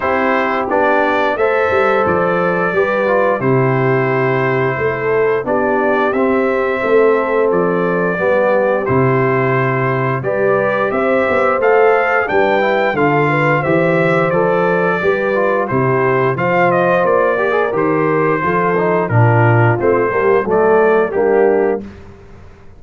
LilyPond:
<<
  \new Staff \with { instrumentName = "trumpet" } { \time 4/4 \tempo 4 = 88 c''4 d''4 e''4 d''4~ | d''4 c''2. | d''4 e''2 d''4~ | d''4 c''2 d''4 |
e''4 f''4 g''4 f''4 | e''4 d''2 c''4 | f''8 dis''8 d''4 c''2 | ais'4 c''4 d''4 g'4 | }
  \new Staff \with { instrumentName = "horn" } { \time 4/4 g'2 c''2 | b'4 g'2 a'4 | g'2 a'2 | g'2. b'4 |
c''2 b'4 a'8 b'8 | c''2 b'4 g'4 | c''4. ais'4. a'4 | f'4. g'8 a'4 d'4 | }
  \new Staff \with { instrumentName = "trombone" } { \time 4/4 e'4 d'4 a'2 | g'8 f'8 e'2. | d'4 c'2. | b4 e'2 g'4~ |
g'4 a'4 d'8 e'8 f'4 | g'4 a'4 g'8 f'8 e'4 | f'4. g'16 gis'16 g'4 f'8 dis'8 | d'4 c'8 ais8 a4 ais4 | }
  \new Staff \with { instrumentName = "tuba" } { \time 4/4 c'4 b4 a8 g8 f4 | g4 c2 a4 | b4 c'4 a4 f4 | g4 c2 g4 |
c'8 b8 a4 g4 d4 | e4 f4 g4 c4 | f4 ais4 dis4 f4 | ais,4 a8 g8 fis4 g4 | }
>>